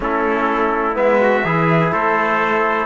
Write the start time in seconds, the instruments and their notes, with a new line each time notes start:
0.00 cello A3, trombone C#4, trumpet E4 A4
0.94 cello G#3, trombone B3, trumpet E5
1.21 trumpet F#4
1.44 cello E3, trombone E4, trumpet G#4
1.92 cello A3, trumpet A4 C5